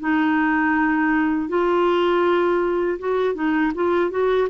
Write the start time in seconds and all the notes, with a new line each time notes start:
0.00 D#4
1.49 F4
2.99 F#4
3.34 D#4
3.75 F4
4.11 F#4